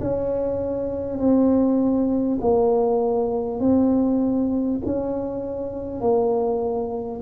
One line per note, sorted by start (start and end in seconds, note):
0.00 1.18 C#4
1.18 2.38 C4
2.41 3.59 A#3
3.59 4.79 C4
4.85 6.01 C#4
6.01 7.21 A#3